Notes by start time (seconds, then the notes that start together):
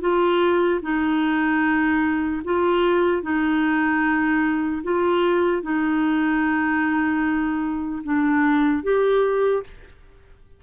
0.00 F4
0.82 D#4
2.44 F4
3.22 D#4
4.83 F4
5.62 D#4
8.04 D4
8.83 G4